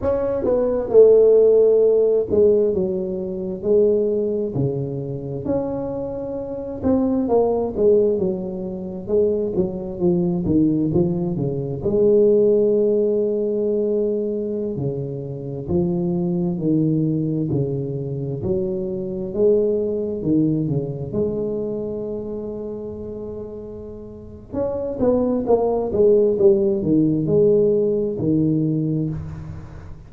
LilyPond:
\new Staff \with { instrumentName = "tuba" } { \time 4/4 \tempo 4 = 66 cis'8 b8 a4. gis8 fis4 | gis4 cis4 cis'4. c'8 | ais8 gis8 fis4 gis8 fis8 f8 dis8 | f8 cis8 gis2.~ |
gis16 cis4 f4 dis4 cis8.~ | cis16 fis4 gis4 dis8 cis8 gis8.~ | gis2. cis'8 b8 | ais8 gis8 g8 dis8 gis4 dis4 | }